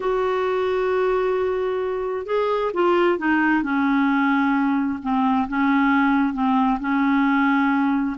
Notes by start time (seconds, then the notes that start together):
0.00 F#4
2.26 G#4
2.73 F4
3.18 D#4
3.63 C#4
5.02 C4
5.48 C#4
6.33 C4
6.80 C#4